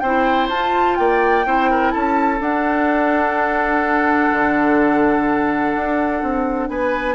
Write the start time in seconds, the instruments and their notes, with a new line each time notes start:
0.00 bassoon C4, clarinet E4, oboe C5, flute G5
0.49 bassoon F4, clarinet F4, flute A5
0.96 bassoon A#3, oboe D5, flute G5
1.45 bassoon C4, clarinet E4, oboe C5
1.71 oboe A#4
1.91 bassoon C#4, oboe A4, flute A5
2.40 clarinet D4, bassoon D4, flute F#5
4.32 bassoon D3
5.76 bassoon D4
6.23 bassoon C4
6.69 bassoon B3, oboe B4, flute G#5